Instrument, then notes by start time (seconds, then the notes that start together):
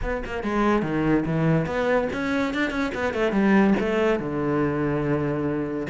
cello
0.02 B3
0.25 A#3
0.43 G#3
0.82 D#3
1.25 E3
1.66 B3
2.12 C#4
2.54 D4
2.70 C#4
2.94 B3
3.13 A3
3.31 G3
3.79 A3
4.19 D3